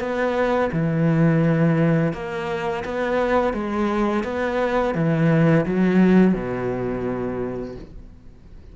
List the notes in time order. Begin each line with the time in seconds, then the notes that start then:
0.00 B3
0.73 E3
2.13 A#3
2.85 B3
3.54 G#3
4.24 B3
4.95 E3
5.66 F#3
6.35 B2